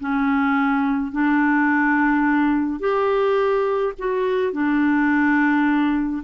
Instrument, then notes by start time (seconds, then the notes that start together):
clarinet
0.00 C#4
1.11 D4
2.80 G4
3.98 F#4
4.53 D4